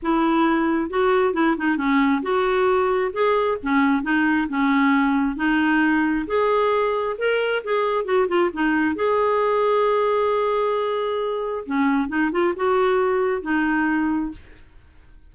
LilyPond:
\new Staff \with { instrumentName = "clarinet" } { \time 4/4 \tempo 4 = 134 e'2 fis'4 e'8 dis'8 | cis'4 fis'2 gis'4 | cis'4 dis'4 cis'2 | dis'2 gis'2 |
ais'4 gis'4 fis'8 f'8 dis'4 | gis'1~ | gis'2 cis'4 dis'8 f'8 | fis'2 dis'2 | }